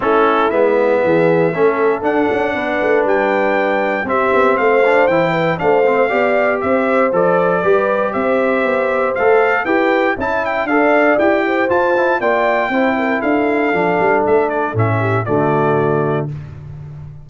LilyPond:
<<
  \new Staff \with { instrumentName = "trumpet" } { \time 4/4 \tempo 4 = 118 a'4 e''2. | fis''2 g''2 | e''4 f''4 g''4 f''4~ | f''4 e''4 d''2 |
e''2 f''4 g''4 | a''8 g''8 f''4 g''4 a''4 | g''2 f''2 | e''8 d''8 e''4 d''2 | }
  \new Staff \with { instrumentName = "horn" } { \time 4/4 e'2 gis'4 a'4~ | a'4 b'2. | g'4 c''4. b'8 c''4 | d''4 c''2 b'4 |
c''2. b'4 | e''4 d''4. c''4. | d''4 c''8 ais'8 a'2~ | a'4. g'8 fis'2 | }
  \new Staff \with { instrumentName = "trombone" } { \time 4/4 cis'4 b2 cis'4 | d'1 | c'4. d'8 e'4 d'8 c'8 | g'2 a'4 g'4~ |
g'2 a'4 g'4 | e'4 a'4 g'4 f'8 e'8 | f'4 e'2 d'4~ | d'4 cis'4 a2 | }
  \new Staff \with { instrumentName = "tuba" } { \time 4/4 a4 gis4 e4 a4 | d'8 cis'8 b8 a8 g2 | c'8 b8 a4 e4 a4 | b4 c'4 f4 g4 |
c'4 b4 a4 e'4 | cis'4 d'4 e'4 f'4 | ais4 c'4 d'4 f8 g8 | a4 a,4 d2 | }
>>